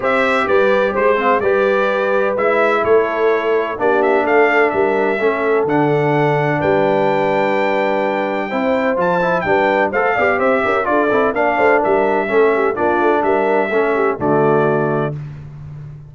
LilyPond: <<
  \new Staff \with { instrumentName = "trumpet" } { \time 4/4 \tempo 4 = 127 e''4 d''4 c''4 d''4~ | d''4 e''4 cis''2 | d''8 e''8 f''4 e''2 | fis''2 g''2~ |
g''2. a''4 | g''4 f''4 e''4 d''4 | f''4 e''2 d''4 | e''2 d''2 | }
  \new Staff \with { instrumentName = "horn" } { \time 4/4 c''4 b'4 c''8 f''8 b'4~ | b'2 a'2 | g'4 a'4 ais'4 a'4~ | a'2 b'2~ |
b'2 c''2 | b'4 c''8 d''8 c''8 ais'8 a'4 | d''8 c''8 ais'4 a'8 g'8 f'4 | ais'4 a'8 g'8 fis'2 | }
  \new Staff \with { instrumentName = "trombone" } { \time 4/4 g'2~ g'8 c'8 g'4~ | g'4 e'2. | d'2. cis'4 | d'1~ |
d'2 e'4 f'8 e'8 | d'4 a'8 g'4. f'8 e'8 | d'2 cis'4 d'4~ | d'4 cis'4 a2 | }
  \new Staff \with { instrumentName = "tuba" } { \time 4/4 c'4 g4 gis4 g4~ | g4 gis4 a2 | ais4 a4 g4 a4 | d2 g2~ |
g2 c'4 f4 | g4 a8 b8 c'8 cis'8 d'8 c'8 | ais8 a8 g4 a4 ais8 a8 | g4 a4 d2 | }
>>